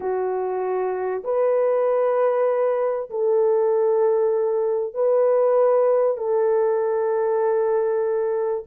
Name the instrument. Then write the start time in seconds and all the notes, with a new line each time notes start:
horn
0.00 F#4
1.23 B4
3.10 A4
4.93 B4
6.17 A4